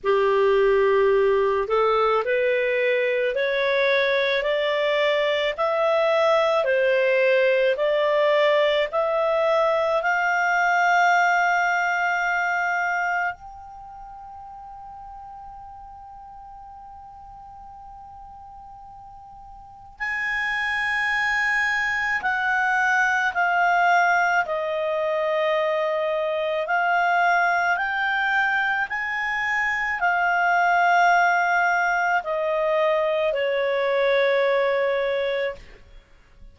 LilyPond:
\new Staff \with { instrumentName = "clarinet" } { \time 4/4 \tempo 4 = 54 g'4. a'8 b'4 cis''4 | d''4 e''4 c''4 d''4 | e''4 f''2. | g''1~ |
g''2 gis''2 | fis''4 f''4 dis''2 | f''4 g''4 gis''4 f''4~ | f''4 dis''4 cis''2 | }